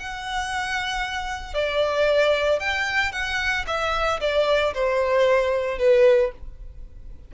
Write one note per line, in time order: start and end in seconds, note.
0.00 1.55 F#5
1.55 2.60 D5
2.60 3.13 G5
3.13 3.66 F#5
3.67 4.20 E5
4.21 4.74 D5
4.74 5.79 C5
5.79 6.32 B4